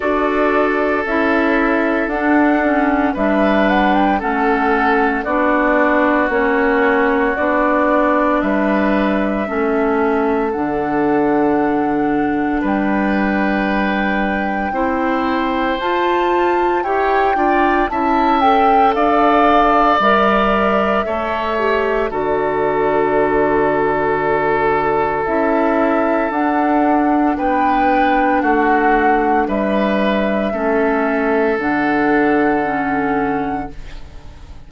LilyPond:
<<
  \new Staff \with { instrumentName = "flute" } { \time 4/4 \tempo 4 = 57 d''4 e''4 fis''4 e''8 fis''16 g''16 | fis''4 d''4 cis''4 d''4 | e''2 fis''2 | g''2. a''4 |
g''4 a''8 g''8 f''4 e''4~ | e''4 d''2. | e''4 fis''4 g''4 fis''4 | e''2 fis''2 | }
  \new Staff \with { instrumentName = "oboe" } { \time 4/4 a'2. b'4 | a'4 fis'2. | b'4 a'2. | b'2 c''2 |
cis''8 d''8 e''4 d''2 | cis''4 a'2.~ | a'2 b'4 fis'4 | b'4 a'2. | }
  \new Staff \with { instrumentName = "clarinet" } { \time 4/4 fis'4 e'4 d'8 cis'8 d'4 | cis'4 d'4 cis'4 d'4~ | d'4 cis'4 d'2~ | d'2 e'4 f'4 |
g'8 f'8 e'8 a'4. ais'4 | a'8 g'8 fis'2. | e'4 d'2.~ | d'4 cis'4 d'4 cis'4 | }
  \new Staff \with { instrumentName = "bassoon" } { \time 4/4 d'4 cis'4 d'4 g4 | a4 b4 ais4 b4 | g4 a4 d2 | g2 c'4 f'4 |
e'8 d'8 cis'4 d'4 g4 | a4 d2. | cis'4 d'4 b4 a4 | g4 a4 d2 | }
>>